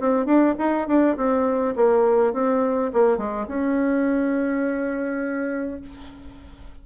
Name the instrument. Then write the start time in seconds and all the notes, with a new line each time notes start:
bassoon
0.00 C4
0.25 D4
0.58 D#4
0.87 D4
1.17 C4
1.76 A#3
2.33 C4
2.93 A#3
3.17 G#3
3.48 C#4